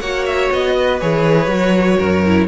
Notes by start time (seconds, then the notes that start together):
0.00 A#3 F#4 C#5 F#5
0.26 E5
0.52 B3 D#5
0.76 B4
1.00 E3 G#4 C#5
1.47 F#3 F#4
1.98 F#2 A#4
2.25 E4